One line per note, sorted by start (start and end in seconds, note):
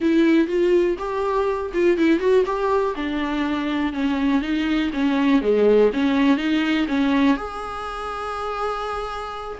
0.00 0.47 E4
0.47 0.96 F4
0.98 1.72 G4
1.73 1.97 F4
1.97 2.19 E4
2.19 2.44 F#4
2.45 2.94 G4
2.95 3.92 D4
3.92 4.41 C#4
4.41 4.90 D#4
4.93 5.41 C#4
5.41 5.90 G#3
5.93 6.37 C#4
6.37 6.86 D#4
6.87 7.37 C#4
7.37 9.58 G#4